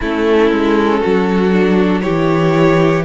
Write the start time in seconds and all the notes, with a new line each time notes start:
0.00 A3 C#4 E4 A4
0.51 G#3
0.99 F#4
1.05 F#3
1.52 D4
2.01 E3 E4 G4 C#5